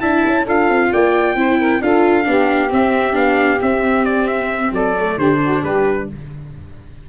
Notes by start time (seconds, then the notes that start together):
0.00 D4 E4 E5 A5
0.26 C#4
0.43 D4 F4 A4
0.49 F5
0.69 C4
0.92 A#3 D5 G5
1.35 C4 E4 C5
1.59 A#4
1.81 D4 F4 A4 F5
2.24 B3 D4 G4
2.69 C4 E5
3.13 B3 D4 F5
3.60 C4 E5
4.05 D5
4.27 E5
4.72 F#3 A4 D5
4.98 A3
5.17 D3 D4 G4 C5
5.42 F#4
5.62 G3 G4 B4